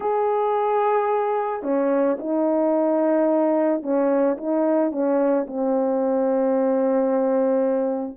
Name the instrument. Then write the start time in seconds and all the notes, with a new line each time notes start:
horn
0.00 G#4
1.62 C#4
2.19 D#4
3.82 C#4
4.37 D#4
4.91 C#4
5.47 C4